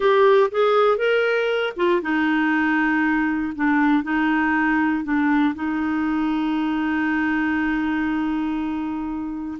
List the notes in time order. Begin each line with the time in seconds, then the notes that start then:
0.00 G4
0.51 G#4
0.97 A#4
1.76 F4
2.01 D#4
3.55 D4
4.03 D#4
5.04 D4
5.55 D#4